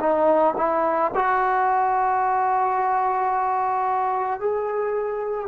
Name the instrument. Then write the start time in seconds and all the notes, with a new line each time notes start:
trombone
0.00 D#4
0.57 E4
1.15 F#4
4.40 G#4